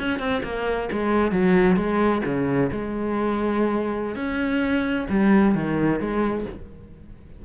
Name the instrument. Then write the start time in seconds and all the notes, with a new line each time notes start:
cello
0.00 C#4
0.20 C4
0.44 A#3
0.92 G#3
1.32 F#3
1.77 G#3
2.26 C#3
2.73 G#3
4.16 C#4
5.10 G3
5.56 D#3
6.00 G#3